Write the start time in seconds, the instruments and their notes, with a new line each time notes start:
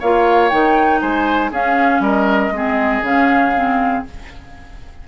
0.00 bassoon A#3, clarinet F4, oboe C#5, flute F5
0.49 bassoon D#3, clarinet D#4, flute G5
1.01 bassoon G#3, oboe C5, flute G#5
1.51 bassoon C#4, clarinet C#4, oboe G#4, flute F5
2.00 bassoon G3, oboe A#4, flute D#5
2.52 bassoon G#3, clarinet C4, oboe G#4
3.02 bassoon C#3, clarinet C#4, flute F5
3.55 clarinet C4